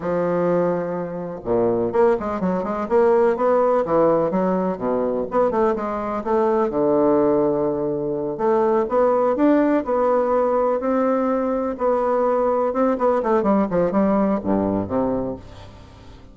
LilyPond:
\new Staff \with { instrumentName = "bassoon" } { \time 4/4 \tempo 4 = 125 f2. ais,4 | ais8 gis8 fis8 gis8 ais4 b4 | e4 fis4 b,4 b8 a8 | gis4 a4 d2~ |
d4. a4 b4 d'8~ | d'8 b2 c'4.~ | c'8 b2 c'8 b8 a8 | g8 f8 g4 g,4 c4 | }